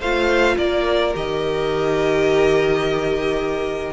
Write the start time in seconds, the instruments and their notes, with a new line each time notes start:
0.00 cello A3, viola F4, violin C5 F5
0.58 cello A#3, violin A#4 D5
1.14 cello D#3, viola G4, violin D#5